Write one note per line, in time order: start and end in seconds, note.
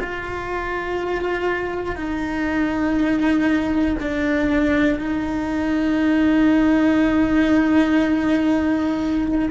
0.00 1.95 F4
1.95 3.95 D#4
4.00 4.99 D4
4.99 9.49 D#4